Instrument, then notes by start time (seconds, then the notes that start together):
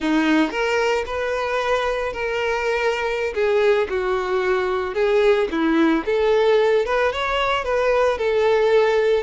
violin
0.00 D#4
0.50 A#4
1.05 B4
2.13 A#4
3.34 G#4
3.89 F#4
4.94 G#4
5.51 E4
6.05 A4
6.85 B4
7.12 C#5
7.64 B4
8.17 A4